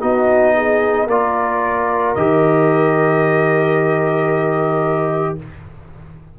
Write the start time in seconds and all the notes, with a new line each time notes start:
0.00 B3 D#4 F#4 D#5
0.56 G#4
1.06 A#3 F4 A#4 D5
2.15 D#3 G4 D#5